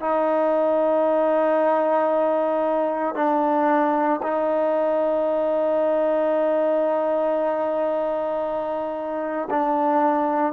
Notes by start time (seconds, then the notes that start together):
0.00 D#4
3.15 D4
4.22 D#4
9.50 D4